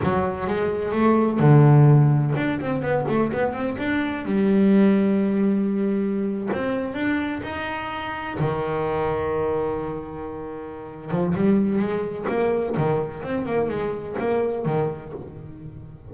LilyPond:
\new Staff \with { instrumentName = "double bass" } { \time 4/4 \tempo 4 = 127 fis4 gis4 a4 d4~ | d4 d'8 c'8 b8 a8 b8 c'8 | d'4 g2.~ | g4.~ g16 c'4 d'4 dis'16~ |
dis'4.~ dis'16 dis2~ dis16~ | dis2.~ dis8 f8 | g4 gis4 ais4 dis4 | c'8 ais8 gis4 ais4 dis4 | }